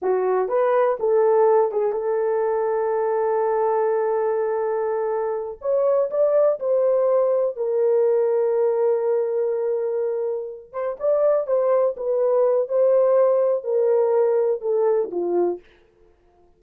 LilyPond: \new Staff \with { instrumentName = "horn" } { \time 4/4 \tempo 4 = 123 fis'4 b'4 a'4. gis'8 | a'1~ | a'2.~ a'8 cis''8~ | cis''8 d''4 c''2 ais'8~ |
ais'1~ | ais'2 c''8 d''4 c''8~ | c''8 b'4. c''2 | ais'2 a'4 f'4 | }